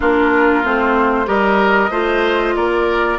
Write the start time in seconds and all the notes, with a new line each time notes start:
0.00 A#3 D4 F4 A#4
0.63 A3 C4 C5
1.26 G3 G4 A#4 D#5
1.90 A3 F4 C5
2.55 A#3 A#4 D5